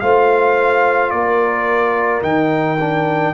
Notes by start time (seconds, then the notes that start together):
0.00 A3 F4 C5 F5
1.10 A#3 A#4 D5
2.22 D#3 D#4 G5
2.80 D4